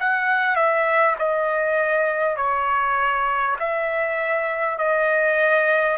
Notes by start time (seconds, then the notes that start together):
0.00 F#5
0.56 E5
1.19 D#5
2.37 C#5
3.60 E5
4.78 D#5